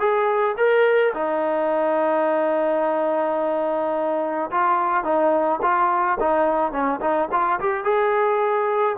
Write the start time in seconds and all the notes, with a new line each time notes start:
0.00 G#4
0.58 A#4
1.14 D#4
4.52 F4
5.04 D#4
5.62 F4
6.20 D#4
6.73 C#4
7.01 D#4
7.32 F4
7.61 G4
7.85 G#4